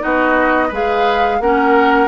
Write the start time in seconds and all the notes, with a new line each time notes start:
0.00 B3 D#4 F#4 D#5
0.68 G#3 G#4 B4
0.74 F5
1.40 A#3 C#4 A#4 F#5